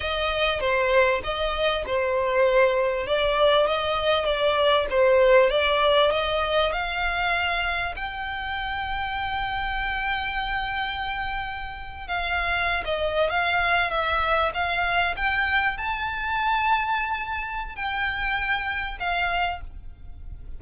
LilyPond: \new Staff \with { instrumentName = "violin" } { \time 4/4 \tempo 4 = 98 dis''4 c''4 dis''4 c''4~ | c''4 d''4 dis''4 d''4 | c''4 d''4 dis''4 f''4~ | f''4 g''2.~ |
g''2.~ g''8. f''16~ | f''4 dis''8. f''4 e''4 f''16~ | f''8. g''4 a''2~ a''16~ | a''4 g''2 f''4 | }